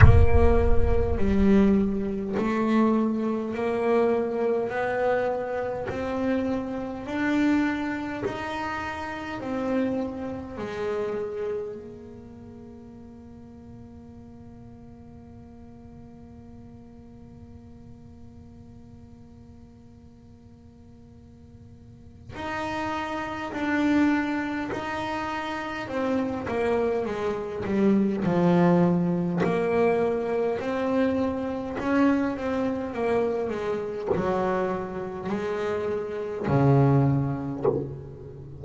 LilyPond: \new Staff \with { instrumentName = "double bass" } { \time 4/4 \tempo 4 = 51 ais4 g4 a4 ais4 | b4 c'4 d'4 dis'4 | c'4 gis4 ais2~ | ais1~ |
ais2. dis'4 | d'4 dis'4 c'8 ais8 gis8 g8 | f4 ais4 c'4 cis'8 c'8 | ais8 gis8 fis4 gis4 cis4 | }